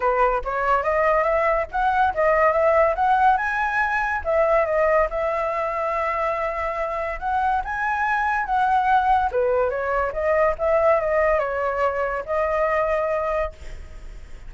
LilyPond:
\new Staff \with { instrumentName = "flute" } { \time 4/4 \tempo 4 = 142 b'4 cis''4 dis''4 e''4 | fis''4 dis''4 e''4 fis''4 | gis''2 e''4 dis''4 | e''1~ |
e''4 fis''4 gis''2 | fis''2 b'4 cis''4 | dis''4 e''4 dis''4 cis''4~ | cis''4 dis''2. | }